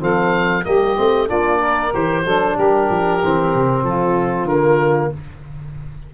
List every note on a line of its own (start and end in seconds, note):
0.00 0.65 F3
0.00 0.64 C4
0.00 0.64 A4
0.00 0.65 F5
0.64 0.98 G3
0.64 0.96 A#3
0.64 1.28 G4
0.64 1.29 D#5
0.96 1.30 A3
0.96 1.28 C4
1.28 1.94 A#3
1.28 1.92 D4
1.28 1.60 F4
1.28 1.94 D5
1.60 2.24 A#4
1.94 2.26 E3
1.94 2.26 G4
1.94 2.58 C5
2.25 2.57 F#3
2.25 3.22 D4
2.25 2.55 A4
2.55 2.90 G3
2.55 3.83 G4
2.55 3.84 A#4
2.90 3.22 F3
3.24 3.55 E3
3.24 4.50 C4
3.55 3.84 C3
3.84 4.45 F3
3.84 5.12 F4
3.84 4.48 A4
4.45 5.09 D3
4.45 5.14 A#3
4.45 5.12 A#4